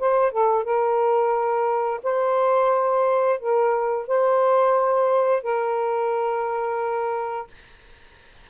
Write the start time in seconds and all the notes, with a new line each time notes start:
0.00 C5
0.32 A4
0.65 A#4
2.04 C5
3.40 A#4
4.08 C5
5.43 A#4